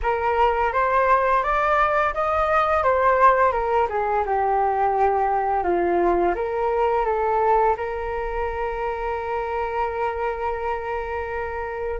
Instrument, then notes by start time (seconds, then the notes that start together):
flute
0.02 A#4
0.72 C5
1.43 D5
2.14 D#5
2.83 C5
3.52 A#4
3.89 G#4
4.25 G4
5.63 F4
6.35 A#4
7.05 A4
7.76 A#4